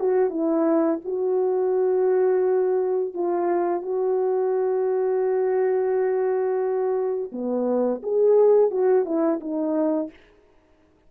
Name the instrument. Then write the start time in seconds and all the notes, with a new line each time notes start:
horn
0.00 F#4
0.30 E4
1.05 F#4
3.15 F4
3.82 F#4
7.32 B3
8.03 G#4
8.71 F#4
9.06 E4
9.41 D#4